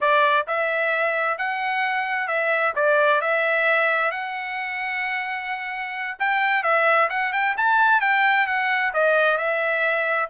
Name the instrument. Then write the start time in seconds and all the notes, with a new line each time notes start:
trumpet
0.00 D5
0.47 E5
1.38 F#5
2.27 E5
2.75 D5
3.21 E5
4.11 F#5
6.19 G5
6.63 E5
7.09 F#5
7.33 G5
7.57 A5
8.00 G5
8.46 F#5
8.93 D#5
9.37 E5